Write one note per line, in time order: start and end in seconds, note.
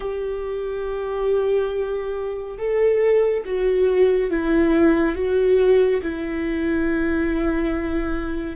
0.00 2.57 G4
2.58 3.43 A4
3.45 4.30 F#4
4.30 5.15 E4
5.15 6.01 F#4
6.02 8.56 E4